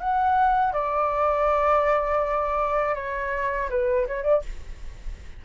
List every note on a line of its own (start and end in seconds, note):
0.00 0.72 F#5
0.72 2.95 D5
2.95 3.69 C#5
3.70 4.07 B4
4.07 4.23 C#5
4.23 4.42 D5